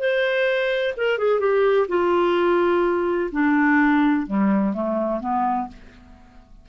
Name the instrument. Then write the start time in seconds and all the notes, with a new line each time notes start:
clarinet
0.00 C5
0.97 A#4
1.19 G#4
1.40 G4
1.89 F4
3.32 D4
4.27 G3
4.74 A3
5.21 B3